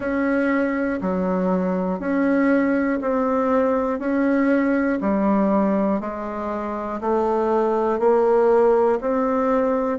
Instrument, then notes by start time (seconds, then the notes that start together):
bassoon
0.00 C#4
1.01 F#3
2.00 C#4
3.01 C4
3.99 C#4
5.00 G3
6.00 G#3
7.00 A3
7.99 A#3
9.00 C4